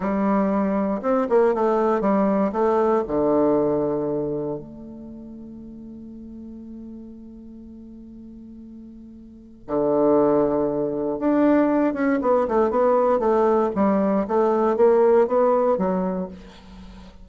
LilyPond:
\new Staff \with { instrumentName = "bassoon" } { \time 4/4 \tempo 4 = 118 g2 c'8 ais8 a4 | g4 a4 d2~ | d4 a2.~ | a1~ |
a2. d4~ | d2 d'4. cis'8 | b8 a8 b4 a4 g4 | a4 ais4 b4 fis4 | }